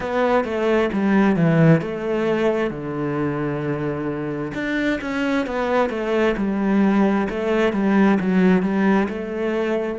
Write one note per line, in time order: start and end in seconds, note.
0.00 0.44 B3
0.44 0.89 A3
0.92 1.36 G3
1.36 1.81 E3
1.81 2.70 A3
2.70 4.52 D3
4.54 4.99 D4
5.01 5.46 C#4
5.46 5.89 B3
5.89 6.35 A3
6.36 7.27 G3
7.29 7.73 A3
7.73 8.18 G3
8.20 8.62 F#3
8.62 9.07 G3
9.08 9.99 A3